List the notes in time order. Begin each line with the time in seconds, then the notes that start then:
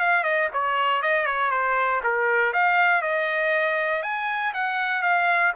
0.00 F5
0.24 D#5
0.53 C#5
1.02 D#5
1.26 C#5
1.51 C5
2.04 A#4
2.53 F5
3.02 D#5
4.03 G#5
4.54 F#5
5.03 F5